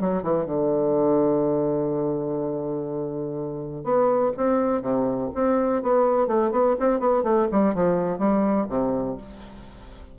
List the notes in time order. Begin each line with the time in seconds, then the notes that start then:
0.00 F#3
0.23 E3
0.45 D3
3.84 B3
4.36 C4
4.81 C3
5.34 C4
5.82 B3
6.27 A3
6.51 B3
6.79 C4
6.99 B3
7.23 A3
7.51 G3
7.74 F3
8.18 G3
8.69 C3